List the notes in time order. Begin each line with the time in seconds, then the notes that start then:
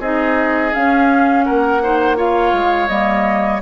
0.00 C4 D#4 G#4 D#5
0.73 C#4 F5
1.44 A#3 A#4 F#5
1.83 D#4 C5
2.16 F4 C#5 F5
2.53 G#3
2.88 G3 A#3 D#5